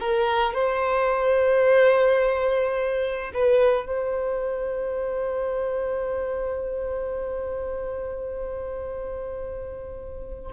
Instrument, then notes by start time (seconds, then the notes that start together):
violin
0.00 A#4
0.54 C5
3.34 B4
3.86 C5